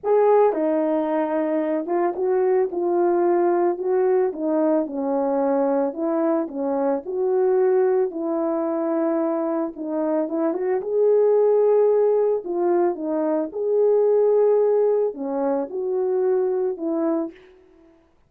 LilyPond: \new Staff \with { instrumentName = "horn" } { \time 4/4 \tempo 4 = 111 gis'4 dis'2~ dis'8 f'8 | fis'4 f'2 fis'4 | dis'4 cis'2 e'4 | cis'4 fis'2 e'4~ |
e'2 dis'4 e'8 fis'8 | gis'2. f'4 | dis'4 gis'2. | cis'4 fis'2 e'4 | }